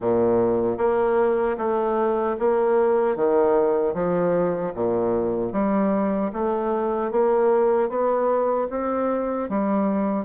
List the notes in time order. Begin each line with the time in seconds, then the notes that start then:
0.00 A#2
0.77 A#3
1.57 A3
2.39 A#3
3.15 D#3
3.94 F3
4.74 A#2
5.52 G3
6.32 A3
7.11 A#3
7.89 B3
8.70 C4
9.49 G3